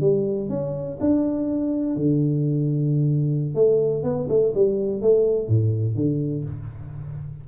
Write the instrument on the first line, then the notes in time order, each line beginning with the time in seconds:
tuba
0.00 G3
0.49 C#4
1.00 D4
1.96 D3
3.54 A3
4.03 B3
4.28 A3
4.54 G3
5.01 A3
5.48 A2
5.95 D3